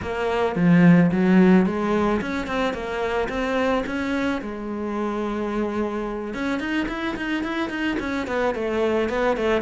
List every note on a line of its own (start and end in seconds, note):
0.02 0.55 A#3
0.55 1.10 F3
1.11 1.65 F#3
1.65 2.20 G#3
2.21 2.46 C#4
2.46 2.73 C4
2.73 3.28 A#3
3.29 3.84 C4
3.86 4.41 C#4
4.41 6.34 G#3
6.34 6.59 C#4
6.59 6.87 D#4
6.88 7.16 E4
7.16 7.43 D#4
7.43 7.69 E4
7.69 7.97 D#4
7.99 8.27 C#4
8.27 8.54 B3
8.54 9.09 A3
9.09 9.36 B3
9.37 9.61 A3